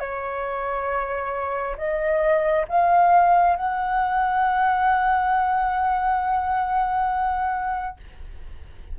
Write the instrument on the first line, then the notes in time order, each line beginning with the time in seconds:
flute
0.00 C#5
1.77 D#5
2.69 F5
3.56 F#5